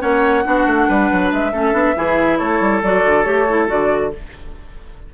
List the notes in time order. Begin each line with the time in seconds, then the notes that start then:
0.00 A#3 C#4 C#5 F#5
0.45 B3 D4 F#4
0.66 A3
0.89 G3 B4
1.12 F#3
1.32 G#3 E5
1.53 A3 C#4 A4
1.73 B3 D4
1.96 E3 E4 G#4
2.39 A3 A4 C#5
2.61 G3
2.83 F#3 F#4 D5
3.06 D3
3.24 A3 G4 C#5
3.50 E4
3.68 D3 F#4 D5